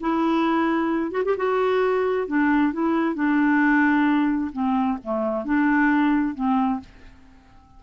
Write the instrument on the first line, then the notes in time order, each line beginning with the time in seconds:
clarinet
0.00 E4
1.11 F#4
1.24 G4
1.37 F#4
2.27 D4
2.72 E4
3.14 D4
4.52 C4
5.03 A3
5.44 D4
6.34 C4